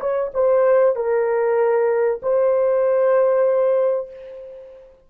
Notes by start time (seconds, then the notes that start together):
0.00 C#5
0.34 C5
0.96 A#4
2.22 C5